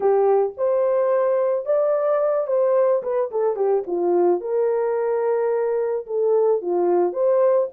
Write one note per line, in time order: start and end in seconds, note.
0.00 0.53 G4
0.57 1.65 C5
1.65 2.47 D5
2.47 3.02 C5
3.02 3.30 B4
3.31 3.56 A4
3.56 3.83 G4
3.87 4.41 F4
4.41 6.06 A#4
6.06 6.61 A4
6.61 7.12 F4
7.12 7.67 C5